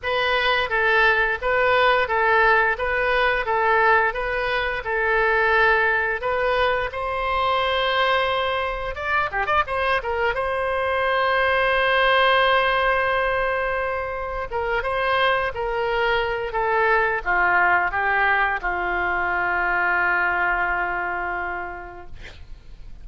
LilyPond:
\new Staff \with { instrumentName = "oboe" } { \time 4/4 \tempo 4 = 87 b'4 a'4 b'4 a'4 | b'4 a'4 b'4 a'4~ | a'4 b'4 c''2~ | c''4 d''8 g'16 d''16 c''8 ais'8 c''4~ |
c''1~ | c''4 ais'8 c''4 ais'4. | a'4 f'4 g'4 f'4~ | f'1 | }